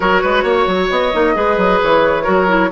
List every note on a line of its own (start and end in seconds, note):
0.00 0.23 F#3
0.00 1.12 F#4
0.00 0.22 A#4
0.00 0.89 C#5
0.22 0.43 G#3
0.22 0.43 B4
0.43 0.66 A#3
0.43 1.34 C#5
0.66 0.89 F#3
0.89 1.12 B3
0.89 1.80 D#5
1.12 1.35 A#3
1.12 1.34 D#4
1.34 1.57 G#3
1.34 2.24 G#4
1.34 2.23 B4
1.57 1.79 F#3
1.82 2.27 E3
1.82 2.71 C#5
2.23 2.71 F#3
2.23 2.46 F#4
2.23 2.68 A#4
2.47 2.70 E4